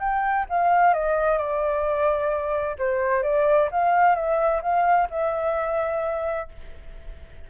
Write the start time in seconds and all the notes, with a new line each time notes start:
0.00 G5
0.50 F5
0.94 D#5
1.38 D5
2.79 C5
3.23 D5
3.72 F5
4.16 E5
4.62 F5
5.11 E5